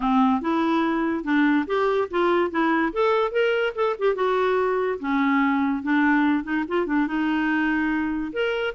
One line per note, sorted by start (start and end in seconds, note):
0.00 0.41 C4
0.41 1.24 E4
1.24 1.65 D4
1.66 2.08 G4
2.10 2.51 F4
2.51 2.92 E4
2.93 3.31 A4
3.31 3.73 A#4
3.75 3.96 A4
3.98 4.15 G4
4.15 4.98 F#4
4.99 5.82 C#4
5.82 6.43 D4
6.43 6.64 D#4
6.68 6.86 F4
6.86 7.07 D4
7.07 8.32 D#4
8.32 8.74 A#4